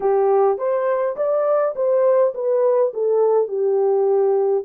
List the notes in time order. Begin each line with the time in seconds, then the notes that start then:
0.00 G4
0.57 C5
1.16 D5
1.75 C5
2.34 B4
2.93 A4
3.47 G4